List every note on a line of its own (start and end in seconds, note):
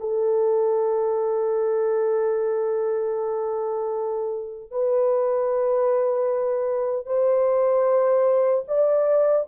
0.00 4.71 A4
4.71 7.07 B4
7.07 8.64 C5
8.68 9.47 D5